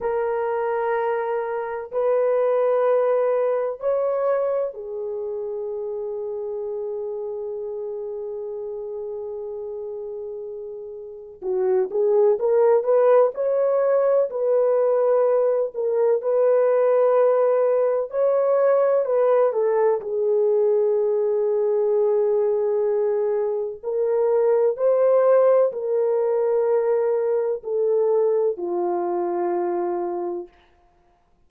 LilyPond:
\new Staff \with { instrumentName = "horn" } { \time 4/4 \tempo 4 = 63 ais'2 b'2 | cis''4 gis'2.~ | gis'1 | fis'8 gis'8 ais'8 b'8 cis''4 b'4~ |
b'8 ais'8 b'2 cis''4 | b'8 a'8 gis'2.~ | gis'4 ais'4 c''4 ais'4~ | ais'4 a'4 f'2 | }